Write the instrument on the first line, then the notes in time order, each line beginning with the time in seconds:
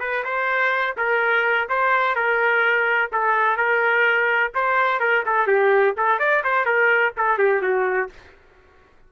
trumpet
0.00 B4
0.25 C5
0.97 A#4
1.69 C5
2.16 A#4
3.13 A4
3.57 A#4
4.55 C5
5.00 A#4
5.26 A4
5.47 G4
5.97 A4
6.19 D5
6.44 C5
6.66 A#4
7.17 A4
7.39 G4
7.62 F#4